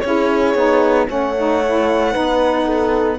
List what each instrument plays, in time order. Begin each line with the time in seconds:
0.00 cello C#4, saxophone E4, horn G#4, violin C#5
0.54 cello B3, saxophone D#4
1.07 cello A3, saxophone C#4, horn C#5, violin F#5
1.37 saxophone D#4
1.65 saxophone E4
2.12 cello B3, saxophone D#4, horn B4
2.64 horn A4